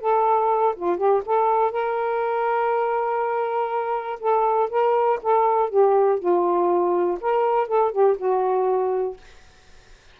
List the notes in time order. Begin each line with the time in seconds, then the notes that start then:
0.00 A4
0.76 F4
0.97 G4
1.25 A4
1.71 A#4
4.20 A4
4.70 A#4
5.22 A4
5.70 G4
6.19 F4
7.21 A#4
7.67 A4
7.91 G4
8.18 F#4